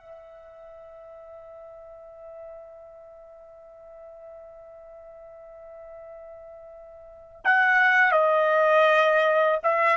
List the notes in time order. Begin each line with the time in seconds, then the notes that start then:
0.00 E5
7.45 F#5
8.12 D#5
9.64 E5